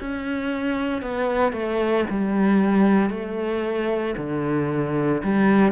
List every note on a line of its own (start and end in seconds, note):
0.00 1.02 C#4
1.02 1.53 B3
1.53 2.06 A3
2.10 3.10 G3
3.10 4.15 A3
4.18 5.23 D3
5.24 5.73 G3